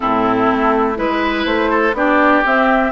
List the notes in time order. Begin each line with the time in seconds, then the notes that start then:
0.00 A2 C4 E4 A4
0.51 A3
0.95 G#3 E4 B4
1.45 A3 C5
1.70 A4
1.93 B3 D4 G4 D5
2.44 C4 E5